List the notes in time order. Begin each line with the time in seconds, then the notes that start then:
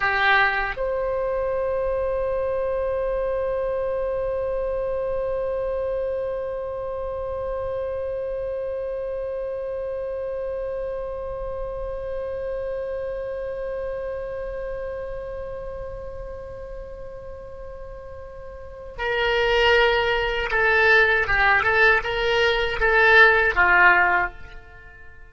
0.00 G4
0.76 C5
18.97 A#4
20.51 A4
21.27 G4
21.63 A4
22.03 A#4
22.80 A4
23.54 F4